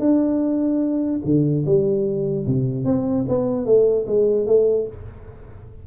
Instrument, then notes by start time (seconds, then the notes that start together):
tuba
0.00 D4
1.25 D3
1.66 G3
2.47 C3
2.85 C4
3.29 B3
3.66 A3
4.07 G#3
4.47 A3